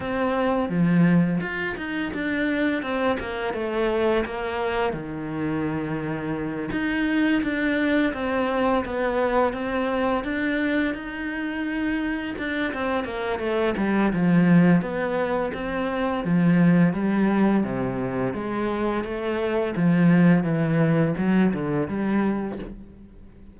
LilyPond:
\new Staff \with { instrumentName = "cello" } { \time 4/4 \tempo 4 = 85 c'4 f4 f'8 dis'8 d'4 | c'8 ais8 a4 ais4 dis4~ | dis4. dis'4 d'4 c'8~ | c'8 b4 c'4 d'4 dis'8~ |
dis'4. d'8 c'8 ais8 a8 g8 | f4 b4 c'4 f4 | g4 c4 gis4 a4 | f4 e4 fis8 d8 g4 | }